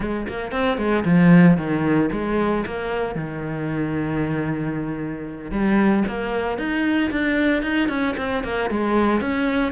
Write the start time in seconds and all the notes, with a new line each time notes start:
0.00 G#3
0.28 A#3
0.51 C4
0.77 G#3
1.04 F3
1.57 D#3
2.12 G#3
2.66 A#3
3.15 D#3
5.51 G3
6.08 A#3
6.58 D#4
7.11 D4
7.62 D#4
7.89 C#4
8.17 C4
8.43 A#3
8.70 G#3
9.20 C#4